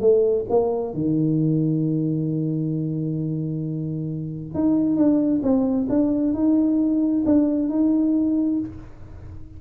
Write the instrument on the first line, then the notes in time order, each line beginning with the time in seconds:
tuba
0.00 A3
0.50 A#3
0.94 D#3
4.54 D#4
4.96 D4
5.42 C4
5.89 D4
6.34 D#4
7.25 D4
7.69 D#4